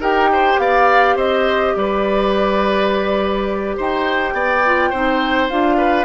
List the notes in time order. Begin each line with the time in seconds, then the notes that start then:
0.00 D#4 G4 A#4 G5
0.33 C5
0.59 B3 D5 F5
1.16 C4 C5 D#5
1.75 G3 B4 D5
3.77 D#4 C5 G5
4.34 B3 D5
4.66 F4
4.90 C4 D#4 C5
5.50 D4 F4 F5
5.78 B4